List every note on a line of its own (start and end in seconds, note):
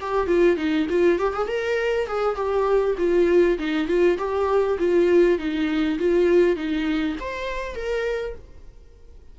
0.00 0.27 G4
0.27 0.56 F4
0.56 0.86 D#4
0.89 1.19 F4
1.19 1.33 G4
1.33 1.47 G#4
1.47 2.07 A#4
2.07 2.35 G#4
2.35 2.95 G4
2.98 3.58 F4
3.58 3.87 D#4
3.87 4.17 F4
4.18 4.78 G4
4.79 5.38 F4
5.38 5.98 D#4
5.98 6.56 F4
6.56 7.16 D#4
7.20 7.75 C5
7.75 8.35 A#4